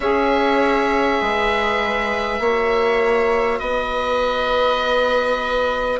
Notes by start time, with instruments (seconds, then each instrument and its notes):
0.00 bassoon C#4, saxophone G#4, viola C#5, oboe E5
1.21 bassoon G#3, viola B4
2.39 bassoon A#3, saxophone F#4, viola C#5
3.59 bassoon B3, viola B4, oboe D#5